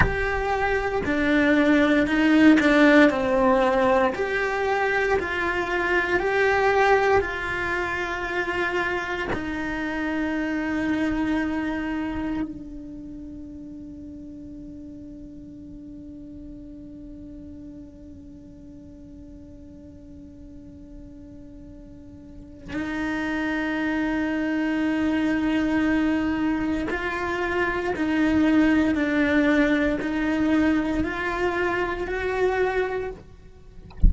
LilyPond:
\new Staff \with { instrumentName = "cello" } { \time 4/4 \tempo 4 = 58 g'4 d'4 dis'8 d'8 c'4 | g'4 f'4 g'4 f'4~ | f'4 dis'2. | d'1~ |
d'1~ | d'2 dis'2~ | dis'2 f'4 dis'4 | d'4 dis'4 f'4 fis'4 | }